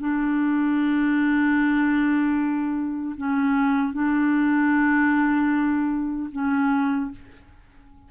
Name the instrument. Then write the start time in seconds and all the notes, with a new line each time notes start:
clarinet
0.00 D4
3.18 C#4
3.94 D4
6.32 C#4